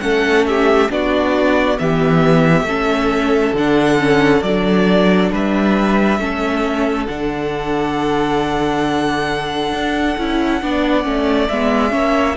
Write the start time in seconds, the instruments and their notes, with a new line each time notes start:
0.00 cello A3, viola C#4, violin A4 F#5
0.47 violin G4 E5
0.89 cello B3, viola D4, violin F#4 D5
1.78 cello E3, viola B3, violin G4 E5
2.62 cello A3, viola C#4, violin A4
3.53 cello D3, viola D4, violin F#5
3.98 viola C#4
4.42 cello F#3, viola D4, violin D5
5.31 cello G3, violin B4 E5
6.19 cello A3, viola C#4, violin A4
7.06 cello D3, viola D4, violin F#5
9.72 cello D4
10.17 cello C#4, viola E4
10.62 cello B3, viola D4, violin D5
11.03 cello A3, viola C#4
11.48 cello G#3, viola B3, violin E5
11.90 cello A#3, viola C#4, violin C#5